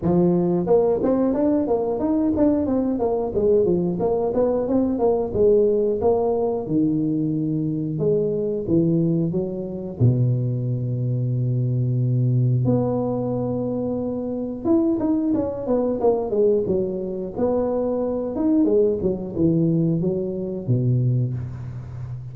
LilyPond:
\new Staff \with { instrumentName = "tuba" } { \time 4/4 \tempo 4 = 90 f4 ais8 c'8 d'8 ais8 dis'8 d'8 | c'8 ais8 gis8 f8 ais8 b8 c'8 ais8 | gis4 ais4 dis2 | gis4 e4 fis4 b,4~ |
b,2. b4~ | b2 e'8 dis'8 cis'8 b8 | ais8 gis8 fis4 b4. dis'8 | gis8 fis8 e4 fis4 b,4 | }